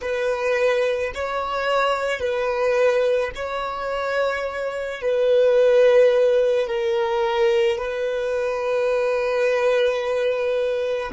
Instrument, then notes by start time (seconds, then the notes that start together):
violin
0.01 B4
1.14 C#5
2.19 B4
3.35 C#5
5.02 B4
6.67 A#4
7.78 B4